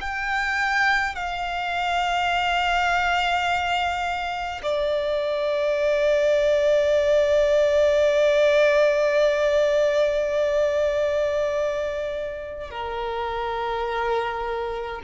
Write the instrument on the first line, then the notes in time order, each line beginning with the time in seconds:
violin
0.00 G5
1.15 F5
4.63 D5
12.70 A#4